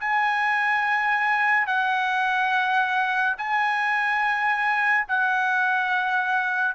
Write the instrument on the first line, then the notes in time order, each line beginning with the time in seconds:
trumpet
0.00 G#5
1.67 F#5
3.38 G#5
5.08 F#5